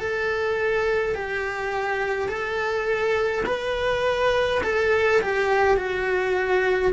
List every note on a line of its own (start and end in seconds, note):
0.00 1.14 A4
1.14 2.28 G4
2.28 3.43 A4
3.46 4.61 B4
4.63 5.21 A4
5.21 5.76 G4
5.76 6.92 F#4